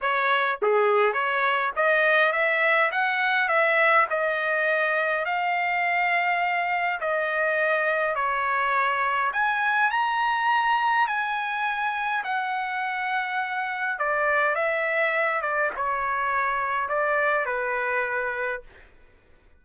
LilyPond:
\new Staff \with { instrumentName = "trumpet" } { \time 4/4 \tempo 4 = 103 cis''4 gis'4 cis''4 dis''4 | e''4 fis''4 e''4 dis''4~ | dis''4 f''2. | dis''2 cis''2 |
gis''4 ais''2 gis''4~ | gis''4 fis''2. | d''4 e''4. d''8 cis''4~ | cis''4 d''4 b'2 | }